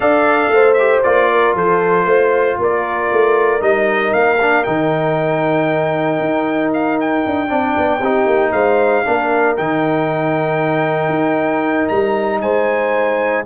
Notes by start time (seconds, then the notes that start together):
0.00 D4 A4 D5 F5
0.49 A3 C5
0.73 G4 E5
1.03 A#3 F4 D5
1.31 A#4
1.54 F3 A4 C5
2.05 A3 C5
2.59 A#3 A#4 D5
3.12 A3
3.60 G3 D#4 D#5
4.13 A#3 F5
4.40 D4
4.63 D#3 D#4 G5
6.19 D#4
6.73 F5
7.00 G5
7.26 D4
7.48 C4 D4 D5
7.77 B3
7.99 C4 D#4 G4
8.25 A#3
8.52 G#3 C5 F5
9.05 A#3 D4 A#4
9.57 D#3 D#4 G5
11.08 D#4
11.88 G3 A#5
12.41 G#3 C5 G#5